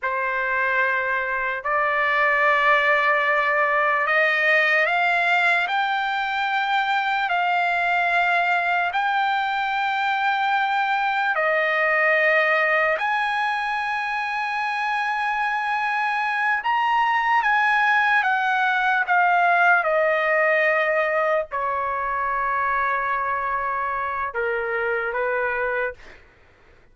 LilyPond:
\new Staff \with { instrumentName = "trumpet" } { \time 4/4 \tempo 4 = 74 c''2 d''2~ | d''4 dis''4 f''4 g''4~ | g''4 f''2 g''4~ | g''2 dis''2 |
gis''1~ | gis''8 ais''4 gis''4 fis''4 f''8~ | f''8 dis''2 cis''4.~ | cis''2 ais'4 b'4 | }